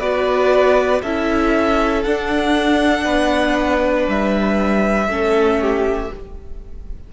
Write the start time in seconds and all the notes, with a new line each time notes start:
0.00 B3 F#4 B4 D5
1.03 C#4 E4 A4 E5
2.03 D4 F#5
3.05 B3 B4
4.09 G3 E5
5.08 A3 C#4 A4
5.61 G4